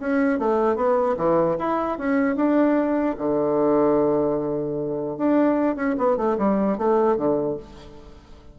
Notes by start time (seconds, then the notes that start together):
0.00 C#4
0.39 A3
0.76 B3
1.17 E3
1.59 E4
1.98 C#4
2.36 D4
3.18 D3
5.18 D4
5.76 C#4
5.98 B3
6.17 A3
6.38 G3
6.78 A3
7.17 D3